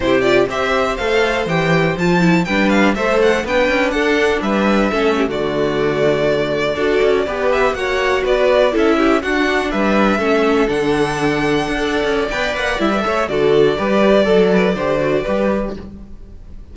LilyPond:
<<
  \new Staff \with { instrumentName = "violin" } { \time 4/4 \tempo 4 = 122 c''8 d''8 e''4 f''4 g''4 | a''4 g''8 f''8 e''8 fis''8 g''4 | fis''4 e''4.~ e''16 d''4~ d''16~ | d''2.~ d''16 e''8 fis''16~ |
fis''8. d''4 e''4 fis''4 e''16~ | e''4.~ e''16 fis''2~ fis''16~ | fis''4 g''8 fis''8 e''4 d''4~ | d''1 | }
  \new Staff \with { instrumentName = "violin" } { \time 4/4 g'4 c''2.~ | c''4 b'4 c''4 b'4 | a'4 b'4 a'8 g'16 fis'4~ fis'16~ | fis'4.~ fis'16 a'4 b'4 cis''16~ |
cis''8. b'4 a'8 g'8 fis'4 b'16~ | b'8. a'2.~ a'16 | d''2~ d''8 cis''8 a'4 | b'4 a'8 b'8 c''4 b'4 | }
  \new Staff \with { instrumentName = "viola" } { \time 4/4 e'8 f'8 g'4 a'4 g'4 | f'8 e'8 d'4 a'4 d'4~ | d'2 cis'8. a4~ a16~ | a4.~ a16 fis'4 g'4 fis'16~ |
fis'4.~ fis'16 e'4 d'4~ d'16~ | d'8. cis'4 d'2~ d'16 | a'4 b'4 e'16 b'16 a'8 fis'4 | g'4 a'4 g'8 fis'8 g'4 | }
  \new Staff \with { instrumentName = "cello" } { \time 4/4 c4 c'4 a4 e4 | f4 g4 a4 b8 cis'8 | d'4 g4 a8. d4~ d16~ | d4.~ d16 d'8 cis'8 b4 ais16~ |
ais8. b4 cis'4 d'4 g16~ | g8. a4 d2 d'16~ | d'8 cis'8 b8 ais8 g8 a8 d4 | g4 fis4 d4 g4 | }
>>